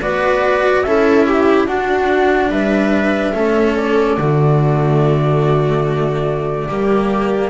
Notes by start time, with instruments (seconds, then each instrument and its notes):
0.00 double bass B3, cello F#4, viola B4, flute D5
0.83 double bass C#4, cello E4, viola A4, flute E5
1.27 viola G4
1.66 double bass D4, cello D4, viola F#4, flute F#5
2.50 double bass G3, viola B4, flute E5
3.34 double bass A3, cello C#4, viola A4
3.77 flute D5
4.18 double bass D3, cello A3, viola F#4
6.69 double bass G3, cello A#3, viola G4